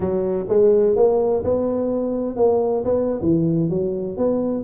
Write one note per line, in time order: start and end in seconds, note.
0.00 0.46 F#3
0.48 0.95 G#3
0.95 1.43 A#3
1.44 2.36 B3
2.36 2.83 A#3
2.84 3.20 B3
3.21 3.69 E3
3.69 4.17 F#3
4.17 4.63 B3